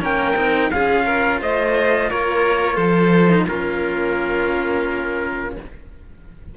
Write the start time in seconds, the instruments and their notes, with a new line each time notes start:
0.00 cello A#3 C#4, violin A#4, trumpet G5
0.35 cello C4 D#4
0.71 cello C#4 F4, violin G#4, trumpet F5
1.06 violin A#4
1.41 cello A3, violin C5, trumpet D#5
2.10 cello A#3, violin A#4, trumpet C#5
2.76 cello F3, violin A4, trumpet C5
3.29 cello D#4
3.48 cello A#3 C#4, violin F4, trumpet A#4